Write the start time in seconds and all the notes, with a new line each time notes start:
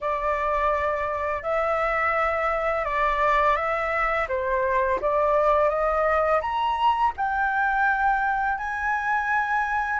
0.01 D5
1.43 E5
2.84 D5
3.56 E5
4.28 C5
5.01 D5
5.69 D#5
6.41 A#5
7.16 G5
8.57 G#5